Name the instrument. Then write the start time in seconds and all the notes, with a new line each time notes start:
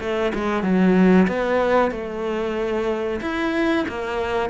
cello
0.00 A3
0.35 G#3
0.63 F#3
1.28 B3
1.91 A3
3.21 E4
3.89 A#3